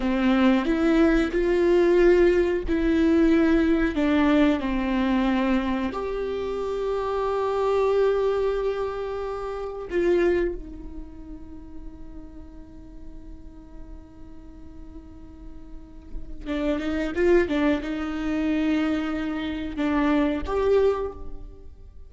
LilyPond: \new Staff \with { instrumentName = "viola" } { \time 4/4 \tempo 4 = 91 c'4 e'4 f'2 | e'2 d'4 c'4~ | c'4 g'2.~ | g'2. f'4 |
dis'1~ | dis'1~ | dis'4 d'8 dis'8 f'8 d'8 dis'4~ | dis'2 d'4 g'4 | }